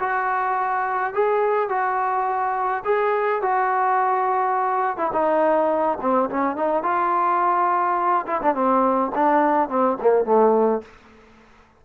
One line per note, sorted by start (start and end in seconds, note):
0.00 1.14 F#4
1.14 1.69 G#4
1.69 2.83 F#4
2.85 3.42 G#4
3.42 4.97 F#4
4.97 5.12 E4
5.13 5.98 D#4
6.01 6.30 C4
6.30 6.56 C#4
6.56 6.83 D#4
6.83 8.26 F4
8.27 8.41 E4
8.43 8.55 D4
8.55 9.12 C4
9.15 9.69 D4
9.69 9.98 C4
10.01 10.25 A#3
10.25 10.82 A3